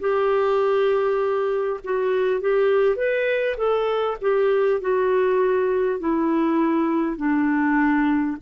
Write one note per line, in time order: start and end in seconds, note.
0.00 1.80 G4
1.83 2.40 F#4
2.40 2.96 G4
2.96 3.56 B4
3.57 4.17 A4
4.21 4.81 G4
4.81 5.99 F#4
5.99 7.17 E4
7.17 8.37 D4